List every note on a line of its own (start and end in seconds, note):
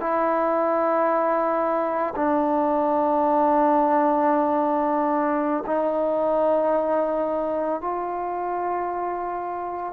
0.00 2.14 E4
2.16 5.64 D4
5.66 7.81 D#4
7.81 9.93 F4